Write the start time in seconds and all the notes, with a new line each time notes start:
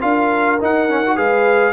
0.00 D4 F4 A#4 F5
0.60 D#4 F#5
0.88 C#4
1.06 F#4
1.16 G#3 G#4 B4 F5